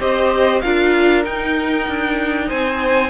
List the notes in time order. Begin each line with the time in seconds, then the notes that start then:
0.00 C4 G4 C5 D#5
0.61 D4 F4 A#4 F5
1.24 D#4 G5
1.88 D4
2.48 C4 C5 G#5